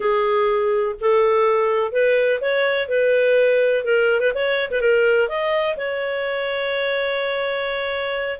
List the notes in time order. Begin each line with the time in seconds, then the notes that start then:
0.00 G#4
1.00 A4
1.92 B4
2.40 C#5
2.88 B4
3.84 A#4
4.20 B4
4.34 C#5
4.70 B4
4.80 A#4
5.28 D#5
5.76 C#5